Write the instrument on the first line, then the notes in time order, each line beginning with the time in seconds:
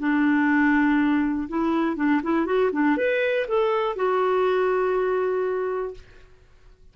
clarinet
0.00 D4
1.49 E4
1.97 D4
2.23 E4
2.46 F#4
2.73 D4
2.97 B4
3.48 A4
3.96 F#4